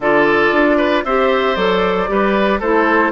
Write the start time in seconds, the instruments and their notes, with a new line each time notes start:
0.00 bassoon D3, clarinet F4, oboe A4, flute D5
0.51 bassoon D4
0.77 oboe B4
1.04 bassoon C4, clarinet G4, oboe C5, flute E5
1.55 bassoon F#3, clarinet A4, flute D5
2.07 bassoon G3, clarinet G4, oboe B4
2.59 bassoon A3, clarinet E4, oboe A4, flute C5